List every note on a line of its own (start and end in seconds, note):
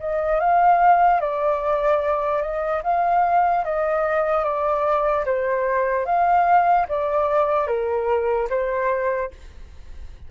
0.00 0.41 D#5
0.41 1.21 F5
1.21 2.42 D5
2.42 2.83 D#5
2.84 3.65 F5
3.65 4.44 D#5
4.44 5.25 D5
5.26 6.06 C5
6.06 6.87 F5
6.88 7.67 D5
7.67 8.48 A#4
8.50 9.31 C5